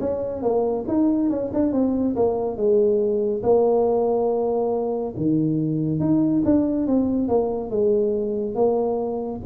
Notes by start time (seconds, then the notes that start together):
0.00 C#4
0.42 A#3
0.88 D#4
1.30 C#4
1.54 D4
1.73 C4
2.16 A#3
2.57 G#3
3.43 A#3
5.17 D#3
6.00 D#4
6.45 D4
6.87 C4
7.28 A#3
7.70 G#3
8.55 A#3